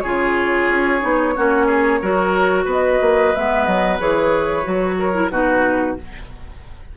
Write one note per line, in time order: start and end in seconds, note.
0.00 0.68 C#3
0.00 1.00 F4
0.00 1.34 G#4
0.00 2.64 C#5
0.68 1.01 C#4
1.00 1.36 B3
1.00 1.33 D#4
1.35 2.02 A#3
1.35 2.02 C#4
1.35 1.66 F#4
1.66 1.99 G#4
2.02 2.66 F#3
2.02 3.34 F#4
2.02 2.64 A#4
2.64 2.99 B3
2.64 4.95 B4
2.72 3.35 D#5
3.01 3.34 A#3
3.35 3.66 G#3
3.35 3.99 B3
3.35 3.65 E5
3.65 3.99 F#3
3.65 3.98 D#5
3.99 4.66 E3
3.99 4.63 G#4
3.99 5.30 C#5
4.63 5.30 F#3
4.63 5.12 F#4
4.98 5.31 A#4
5.13 5.30 E4
5.30 5.96 B2
5.30 5.97 D#4
5.30 5.97 F#4
5.30 5.96 B4